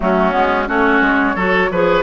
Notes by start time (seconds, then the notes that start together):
0.00 F#3 A3 C#4 F#4
0.31 G#3 B3
0.66 A3 C#4 F#4 C#5
1.01 G#3
1.35 F#3 F#4 A4
1.70 F3 G#4 B4